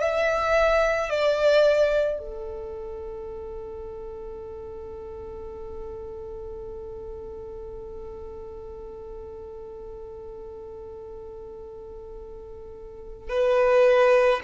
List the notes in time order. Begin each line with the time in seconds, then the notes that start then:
0.00 E5
1.10 D5
2.19 A4
13.29 B4